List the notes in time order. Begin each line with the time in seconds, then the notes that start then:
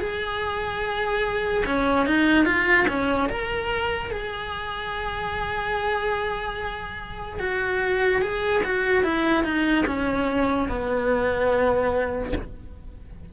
0.00 G#4
1.66 C#4
2.07 D#4
2.45 F4
2.88 C#4
3.30 A#4
4.11 G#4
7.40 F#4
8.22 G#4
8.64 F#4
9.04 E4
9.44 D#4
9.86 C#4
10.69 B3